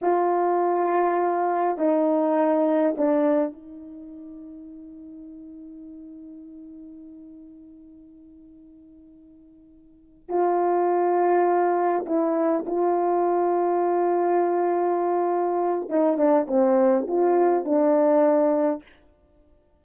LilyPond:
\new Staff \with { instrumentName = "horn" } { \time 4/4 \tempo 4 = 102 f'2. dis'4~ | dis'4 d'4 dis'2~ | dis'1~ | dis'1~ |
dis'4. f'2~ f'8~ | f'8 e'4 f'2~ f'8~ | f'2. dis'8 d'8 | c'4 f'4 d'2 | }